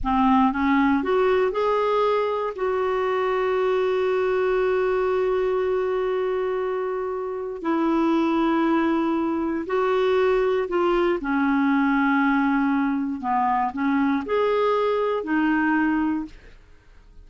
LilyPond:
\new Staff \with { instrumentName = "clarinet" } { \time 4/4 \tempo 4 = 118 c'4 cis'4 fis'4 gis'4~ | gis'4 fis'2.~ | fis'1~ | fis'2. e'4~ |
e'2. fis'4~ | fis'4 f'4 cis'2~ | cis'2 b4 cis'4 | gis'2 dis'2 | }